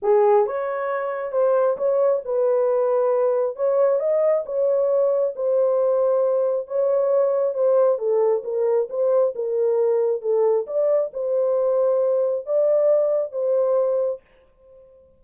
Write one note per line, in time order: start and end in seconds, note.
0.02 0.46 G#4
0.46 1.32 C#5
1.32 1.76 C5
1.77 2.21 C#5
2.24 3.56 B4
3.56 3.99 C#5
3.99 4.44 D#5
4.45 5.34 C#5
5.35 6.67 C5
6.67 7.53 C#5
7.53 7.98 C5
7.98 8.42 A4
8.44 8.88 A#4
8.89 9.34 C5
9.35 10.21 A#4
10.21 10.65 A4
10.66 11.11 D5
11.13 12.46 C5
12.46 13.32 D5
13.32 14.20 C5